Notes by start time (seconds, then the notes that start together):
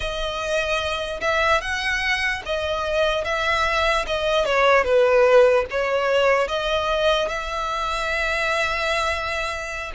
0.00 D#5
1.20 E5
1.61 F#5
2.45 D#5
3.24 E5
4.07 D#5
4.45 C#5
4.84 B4
5.70 C#5
6.48 D#5
7.28 E5